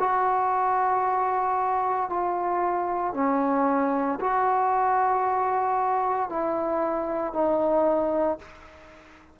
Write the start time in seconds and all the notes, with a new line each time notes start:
0.00 F#4
2.10 F4
3.14 C#4
4.21 F#4
6.30 E4
7.33 D#4